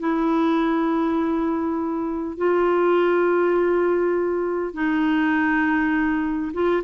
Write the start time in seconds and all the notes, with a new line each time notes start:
0.00 E4
2.37 F4
4.74 D#4
6.53 F4